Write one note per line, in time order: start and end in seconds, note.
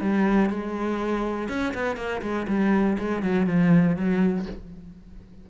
0.00 0.49 G3
0.49 1.48 G#3
1.48 1.73 C#4
1.74 1.96 B3
1.96 2.21 A#3
2.21 2.46 G#3
2.47 2.97 G3
2.98 3.22 G#3
3.22 3.46 F#3
3.46 3.96 F3
3.96 4.46 F#3